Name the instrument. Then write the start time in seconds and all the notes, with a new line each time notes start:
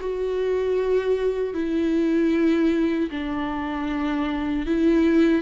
viola
0.00 F#4
1.54 E4
3.10 D4
4.66 E4